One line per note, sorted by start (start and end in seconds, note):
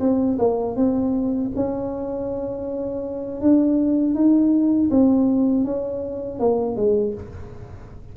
0.00 0.38 C4
0.39 0.76 A#3
0.76 1.51 C4
1.56 3.41 C#4
3.41 4.15 D4
4.15 4.90 D#4
4.90 5.65 C4
5.65 6.39 C#4
6.39 6.76 A#3
6.76 7.14 G#3